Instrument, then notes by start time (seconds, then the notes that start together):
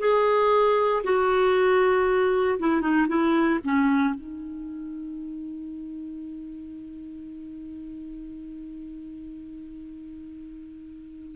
clarinet
0.00 G#4
1.04 F#4
2.60 E4
2.82 D#4
3.08 E4
3.64 C#4
4.15 D#4